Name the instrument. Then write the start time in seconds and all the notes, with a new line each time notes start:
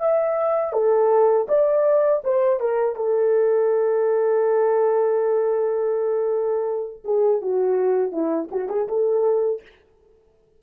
horn
0.00 E5
0.73 A4
1.49 D5
2.25 C5
2.61 A#4
2.96 A4
7.05 G#4
7.42 F#4
8.13 E4
8.52 F#4
8.69 G#4
8.89 A4